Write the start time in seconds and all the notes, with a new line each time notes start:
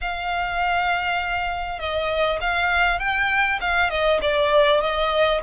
0.01 F5
1.79 D#5
2.41 F5
2.99 G5
3.60 F5
3.89 D#5
4.21 D5
4.80 D#5